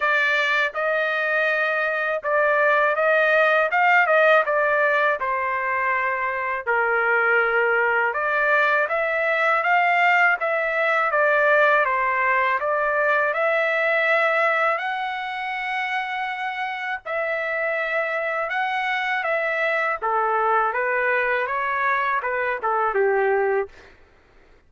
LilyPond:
\new Staff \with { instrumentName = "trumpet" } { \time 4/4 \tempo 4 = 81 d''4 dis''2 d''4 | dis''4 f''8 dis''8 d''4 c''4~ | c''4 ais'2 d''4 | e''4 f''4 e''4 d''4 |
c''4 d''4 e''2 | fis''2. e''4~ | e''4 fis''4 e''4 a'4 | b'4 cis''4 b'8 a'8 g'4 | }